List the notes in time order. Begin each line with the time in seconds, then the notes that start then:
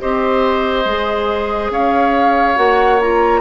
0.00 C4 G4 C5 D#5
0.85 G#3 G#4
1.71 C#4 C#5 F5
2.56 A#3 F#4 F#5
3.02 F4 A#5